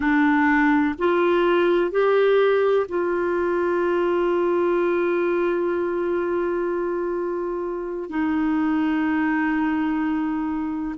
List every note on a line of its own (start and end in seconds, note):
0.00 0.95 D4
0.98 1.90 F4
1.90 2.86 G4
2.88 8.09 F4
8.09 10.95 D#4